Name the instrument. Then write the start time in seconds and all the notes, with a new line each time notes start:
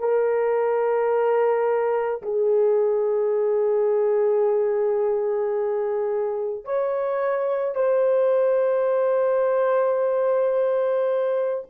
horn
0.00 A#4
2.22 G#4
6.65 C#5
7.75 C5